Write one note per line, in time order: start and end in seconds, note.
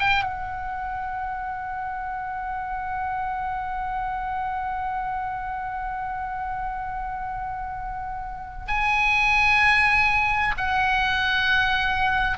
0.00 0.23 G5
0.23 8.67 F#5
8.68 10.56 G#5
10.58 12.38 F#5